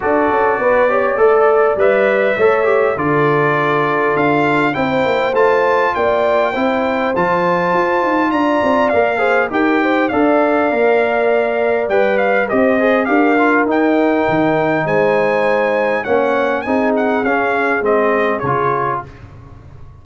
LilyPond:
<<
  \new Staff \with { instrumentName = "trumpet" } { \time 4/4 \tempo 4 = 101 d''2. e''4~ | e''4 d''2 f''4 | g''4 a''4 g''2 | a''2 ais''4 f''4 |
g''4 f''2. | g''8 f''8 dis''4 f''4 g''4~ | g''4 gis''2 fis''4 | gis''8 fis''8 f''4 dis''4 cis''4 | }
  \new Staff \with { instrumentName = "horn" } { \time 4/4 a'4 b'8 cis''8 d''2 | cis''4 a'2. | c''2 d''4 c''4~ | c''2 d''4. c''8 |
ais'8 c''8 d''2.~ | d''4 c''4 ais'2~ | ais'4 c''2 cis''4 | gis'1 | }
  \new Staff \with { instrumentName = "trombone" } { \time 4/4 fis'4. g'8 a'4 b'4 | a'8 g'8 f'2. | e'4 f'2 e'4 | f'2. ais'8 gis'8 |
g'4 a'4 ais'2 | b'4 g'8 gis'8 g'8 f'8 dis'4~ | dis'2. cis'4 | dis'4 cis'4 c'4 f'4 | }
  \new Staff \with { instrumentName = "tuba" } { \time 4/4 d'8 cis'8 b4 a4 g4 | a4 d2 d'4 | c'8 ais8 a4 ais4 c'4 | f4 f'8 dis'8 d'8 c'8 ais4 |
dis'4 d'4 ais2 | g4 c'4 d'4 dis'4 | dis4 gis2 ais4 | c'4 cis'4 gis4 cis4 | }
>>